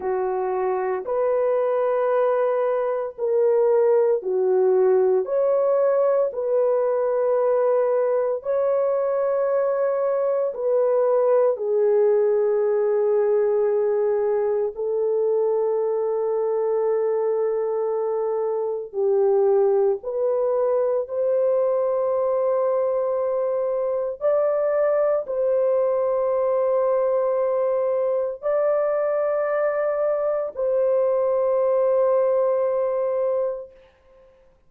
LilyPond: \new Staff \with { instrumentName = "horn" } { \time 4/4 \tempo 4 = 57 fis'4 b'2 ais'4 | fis'4 cis''4 b'2 | cis''2 b'4 gis'4~ | gis'2 a'2~ |
a'2 g'4 b'4 | c''2. d''4 | c''2. d''4~ | d''4 c''2. | }